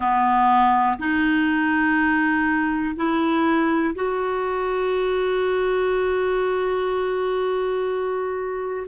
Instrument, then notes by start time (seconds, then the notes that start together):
clarinet
0.00 B3
0.98 D#4
2.96 E4
3.94 F#4